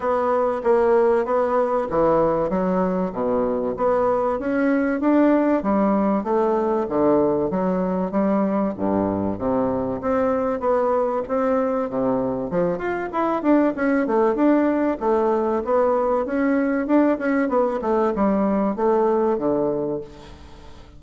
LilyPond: \new Staff \with { instrumentName = "bassoon" } { \time 4/4 \tempo 4 = 96 b4 ais4 b4 e4 | fis4 b,4 b4 cis'4 | d'4 g4 a4 d4 | fis4 g4 g,4 c4 |
c'4 b4 c'4 c4 | f8 f'8 e'8 d'8 cis'8 a8 d'4 | a4 b4 cis'4 d'8 cis'8 | b8 a8 g4 a4 d4 | }